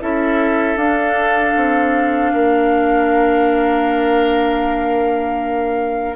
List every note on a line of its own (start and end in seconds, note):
0.00 0.76 C#4
0.00 0.77 E4
0.00 2.32 A4
0.00 0.77 E5
0.76 1.53 D4
0.76 6.16 D4
0.76 6.16 F5
1.56 2.33 C4
2.33 6.16 A#3
2.33 6.16 A#4